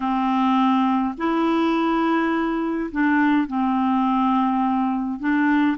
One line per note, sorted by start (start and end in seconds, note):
0.00 1.14 C4
1.17 2.90 E4
2.91 3.47 D4
3.47 5.19 C4
5.19 5.77 D4